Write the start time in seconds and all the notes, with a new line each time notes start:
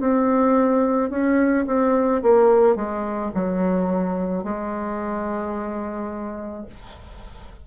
0.00 C4
1.10 C#4
1.67 C4
2.23 A#3
2.76 G#3
3.34 F#3
4.44 G#3